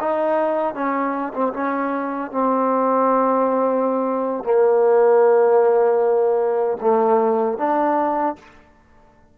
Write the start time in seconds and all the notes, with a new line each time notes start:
0.00 D#4
0.74 C#4
1.34 C4
1.53 C#4
2.31 C4
4.44 A#3
6.81 A3
7.58 D4